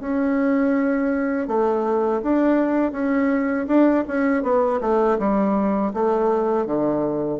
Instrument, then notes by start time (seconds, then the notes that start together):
bassoon
0.00 C#4
1.48 A3
2.23 D4
2.92 C#4
3.68 D4
4.08 C#4
4.43 B3
4.81 A3
5.19 G3
5.94 A3
6.66 D3